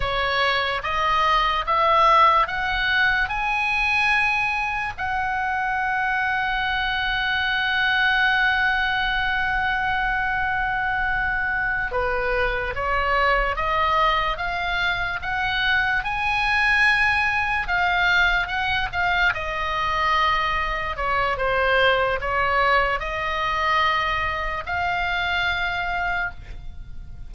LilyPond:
\new Staff \with { instrumentName = "oboe" } { \time 4/4 \tempo 4 = 73 cis''4 dis''4 e''4 fis''4 | gis''2 fis''2~ | fis''1~ | fis''2~ fis''8 b'4 cis''8~ |
cis''8 dis''4 f''4 fis''4 gis''8~ | gis''4. f''4 fis''8 f''8 dis''8~ | dis''4. cis''8 c''4 cis''4 | dis''2 f''2 | }